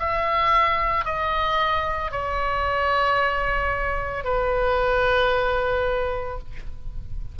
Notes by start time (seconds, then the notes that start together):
0.00 E5
1.05 D#5
2.12 C#5
4.25 B4